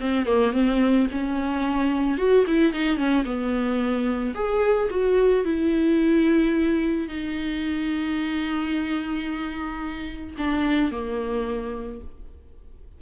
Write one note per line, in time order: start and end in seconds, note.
0.00 0.26 C4
0.26 0.52 A#3
0.52 1.07 C4
1.11 2.17 C#4
2.17 2.44 F#4
2.47 2.72 E4
2.72 2.97 D#4
2.97 3.24 C#4
3.25 4.34 B3
4.34 4.89 G#4
4.90 5.44 F#4
5.44 7.08 E4
7.08 10.35 D#4
10.37 10.91 D4
10.91 12.00 A#3